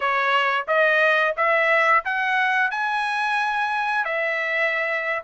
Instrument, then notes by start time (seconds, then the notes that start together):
trumpet
0.00 C#5
0.67 D#5
1.36 E5
2.04 F#5
2.71 G#5
4.04 E5